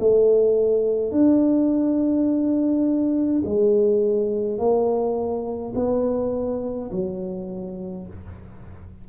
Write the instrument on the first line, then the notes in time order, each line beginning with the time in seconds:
tuba
0.00 A3
1.12 D4
3.45 G#3
4.59 A#3
5.76 B3
6.92 F#3